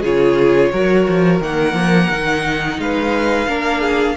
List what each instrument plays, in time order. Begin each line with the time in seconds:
0.00 cello C#3, viola F4, violin G#4 C#5
0.71 cello F#3, viola F#4, violin A#4
1.08 cello F3
1.40 cello D#3, viola A#3, violin F#5
1.73 cello F3
2.09 cello D#3, viola D#4
2.78 cello G#3, violin B4 F5
3.47 cello A#3, viola D4, violin A#4
3.81 violin G#4